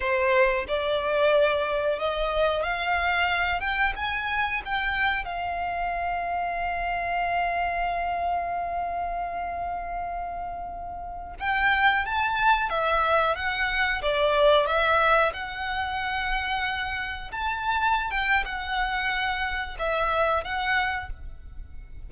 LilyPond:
\new Staff \with { instrumentName = "violin" } { \time 4/4 \tempo 4 = 91 c''4 d''2 dis''4 | f''4. g''8 gis''4 g''4 | f''1~ | f''1~ |
f''4~ f''16 g''4 a''4 e''8.~ | e''16 fis''4 d''4 e''4 fis''8.~ | fis''2~ fis''16 a''4~ a''16 g''8 | fis''2 e''4 fis''4 | }